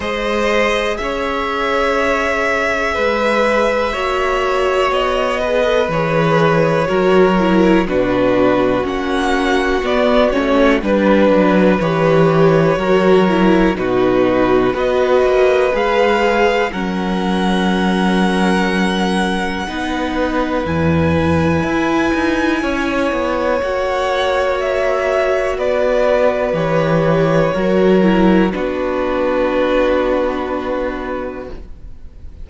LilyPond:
<<
  \new Staff \with { instrumentName = "violin" } { \time 4/4 \tempo 4 = 61 dis''4 e''2.~ | e''4 dis''4 cis''2 | b'4 fis''4 d''8 cis''8 b'4 | cis''2 b'4 dis''4 |
f''4 fis''2.~ | fis''4 gis''2. | fis''4 e''4 d''4 cis''4~ | cis''4 b'2. | }
  \new Staff \with { instrumentName = "violin" } { \time 4/4 c''4 cis''2 b'4 | cis''4. b'4. ais'4 | fis'2. b'4~ | b'4 ais'4 fis'4 b'4~ |
b'4 ais'2. | b'2. cis''4~ | cis''2 b'2 | ais'4 fis'2. | }
  \new Staff \with { instrumentName = "viola" } { \time 4/4 gis'1 | fis'4. gis'16 a'16 gis'4 fis'8 e'8 | d'4 cis'4 b8 cis'8 d'4 | g'4 fis'8 e'8 dis'4 fis'4 |
gis'4 cis'2. | dis'4 e'2. | fis'2. g'4 | fis'8 e'8 d'2. | }
  \new Staff \with { instrumentName = "cello" } { \time 4/4 gis4 cis'2 gis4 | ais4 b4 e4 fis4 | b,4 ais4 b8 a8 g8 fis8 | e4 fis4 b,4 b8 ais8 |
gis4 fis2. | b4 e,4 e'8 dis'8 cis'8 b8 | ais2 b4 e4 | fis4 b2. | }
>>